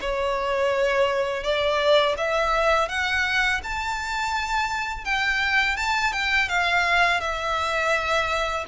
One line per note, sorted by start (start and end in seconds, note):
0.00 1.43 C#5
1.43 2.15 D5
2.17 2.88 E5
2.88 3.60 F#5
3.63 5.04 A5
5.04 5.76 G5
5.76 6.12 A5
6.12 6.48 G5
6.48 7.20 F5
7.20 8.65 E5